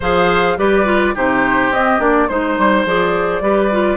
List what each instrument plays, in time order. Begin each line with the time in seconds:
0.00 bassoon F3, clarinet G#4, oboe C5, flute F5
0.57 bassoon G3, clarinet G4, oboe B4, flute D5
0.85 clarinet F4
1.14 bassoon C3, clarinet D#4, oboe G4, flute C5
1.71 bassoon C4, clarinet C4, flute D#5
1.99 bassoon A#3, clarinet D4, flute D5
2.28 bassoon G#3, clarinet D#4, flute C5, oboe C5
2.57 bassoon G3
2.85 bassoon F3, clarinet G#4, flute D5
3.40 bassoon G3, clarinet G4, oboe B4
3.71 clarinet F4